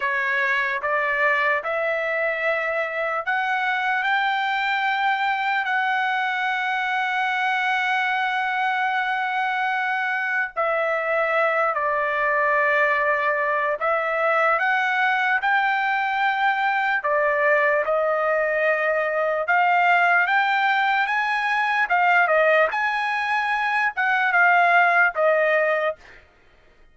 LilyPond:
\new Staff \with { instrumentName = "trumpet" } { \time 4/4 \tempo 4 = 74 cis''4 d''4 e''2 | fis''4 g''2 fis''4~ | fis''1~ | fis''4 e''4. d''4.~ |
d''4 e''4 fis''4 g''4~ | g''4 d''4 dis''2 | f''4 g''4 gis''4 f''8 dis''8 | gis''4. fis''8 f''4 dis''4 | }